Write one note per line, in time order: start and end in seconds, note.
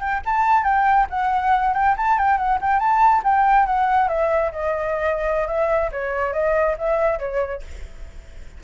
0.00 0.21 G5
0.26 0.64 A5
0.64 1.07 G5
1.10 1.74 F#5
1.74 1.95 G5
1.97 2.18 A5
2.18 2.37 G5
2.37 2.59 F#5
2.61 2.80 G5
2.80 3.22 A5
3.24 3.66 G5
3.66 4.08 F#5
4.08 4.51 E5
4.52 5.47 D#5
5.47 5.90 E5
5.92 6.33 C#5
6.33 6.76 D#5
6.78 7.19 E5
7.19 7.62 C#5